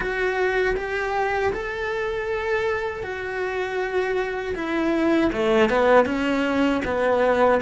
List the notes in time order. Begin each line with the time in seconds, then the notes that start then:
0.00 F#4
0.76 G4
1.52 A4
3.03 F#4
4.55 E4
5.33 A3
5.69 B3
6.06 C#4
6.84 B3